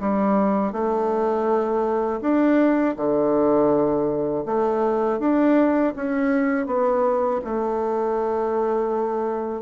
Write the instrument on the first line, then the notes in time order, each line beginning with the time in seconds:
bassoon
0.00 G3
0.72 A3
2.21 D4
2.97 D3
4.45 A3
5.20 D4
5.96 C#4
6.66 B3
7.44 A3